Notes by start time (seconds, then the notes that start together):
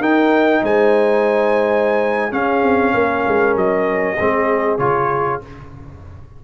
0.00 D#4 A#4 G5
0.63 G#3 C5 G#5
2.31 C#4 G#4 F5
2.63 C4
2.94 A#3 A#4
3.28 G#3
3.56 F#3 D#5
4.19 G#3 C4 G#4
4.78 C#3 F4 C#5